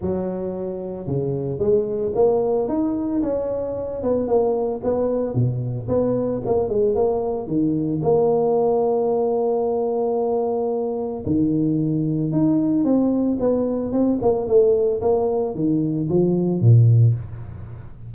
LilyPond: \new Staff \with { instrumentName = "tuba" } { \time 4/4 \tempo 4 = 112 fis2 cis4 gis4 | ais4 dis'4 cis'4. b8 | ais4 b4 b,4 b4 | ais8 gis8 ais4 dis4 ais4~ |
ais1~ | ais4 dis2 dis'4 | c'4 b4 c'8 ais8 a4 | ais4 dis4 f4 ais,4 | }